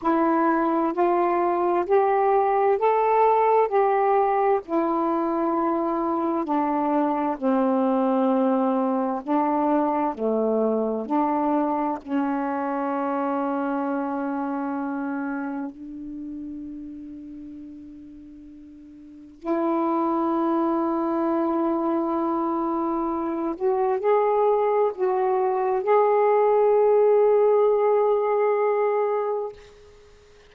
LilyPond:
\new Staff \with { instrumentName = "saxophone" } { \time 4/4 \tempo 4 = 65 e'4 f'4 g'4 a'4 | g'4 e'2 d'4 | c'2 d'4 a4 | d'4 cis'2.~ |
cis'4 d'2.~ | d'4 e'2.~ | e'4. fis'8 gis'4 fis'4 | gis'1 | }